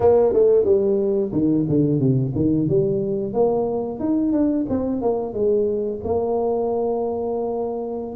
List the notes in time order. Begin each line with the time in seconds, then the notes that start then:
0.00 A#3
0.33 A3
0.65 G3
1.32 D#3
1.68 D3
1.99 C3
2.35 D#3
2.68 G3
3.33 A#3
3.99 D#4
4.32 D4
4.69 C4
5.02 A#3
5.33 G#3
6.03 A#3